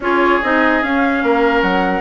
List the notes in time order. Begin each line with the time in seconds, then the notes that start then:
0.00 C#4 F4 G#4 C#5
0.42 C4 D#4 D#5
0.82 C#4 F5
1.23 A#3 A#4
1.62 F#3 F#5